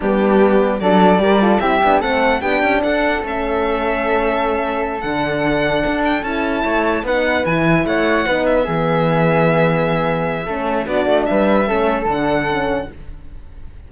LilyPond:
<<
  \new Staff \with { instrumentName = "violin" } { \time 4/4 \tempo 4 = 149 g'2 d''2 | e''4 fis''4 g''4 fis''4 | e''1~ | e''8 fis''2~ fis''8 g''8 a''8~ |
a''4. fis''4 gis''4 fis''8~ | fis''4 e''2.~ | e''2. d''4 | e''2 fis''2 | }
  \new Staff \with { instrumentName = "flute" } { \time 4/4 d'2 a'4 ais'8 a'8 | g'4 a'4 g'4 a'4~ | a'1~ | a'1~ |
a'8 cis''4 b'2 cis''8~ | cis''8 b'4 gis'2~ gis'8~ | gis'2 a'4 fis'4 | b'4 a'2. | }
  \new Staff \with { instrumentName = "horn" } { \time 4/4 b2 d'4 g'8 f'8 | e'8 d'8 c'4 d'2 | cis'1~ | cis'8 d'2. e'8~ |
e'4. dis'4 e'4.~ | e'8 dis'4 b2~ b8~ | b2 cis'4 d'4~ | d'4 cis'4 d'4 cis'4 | }
  \new Staff \with { instrumentName = "cello" } { \time 4/4 g2 fis4 g4 | c'8 b8 a4 b8 cis'8 d'4 | a1~ | a8 d2 d'4 cis'8~ |
cis'8 a4 b4 e4 a8~ | a8 b4 e2~ e8~ | e2 a4 b8 a8 | g4 a4 d2 | }
>>